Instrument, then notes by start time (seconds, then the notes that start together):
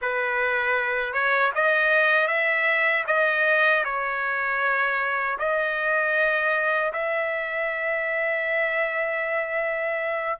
trumpet
0.01 B4
1.13 C#5
1.55 D#5
2.27 E5
3.07 D#5
3.84 C#5
5.38 D#5
6.92 E5